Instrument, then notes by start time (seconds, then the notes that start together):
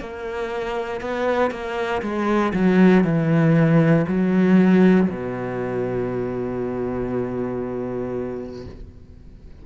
cello
0.00 A#3
1.01 B3
1.51 A#3
2.02 G#3
2.54 F#3
3.04 E3
4.08 F#3
5.10 B2